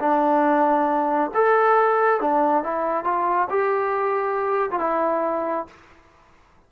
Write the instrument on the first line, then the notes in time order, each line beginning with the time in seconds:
trombone
0.00 D4
1.35 A4
2.21 D4
2.64 E4
3.05 F4
3.50 G4
4.72 F4
4.80 E4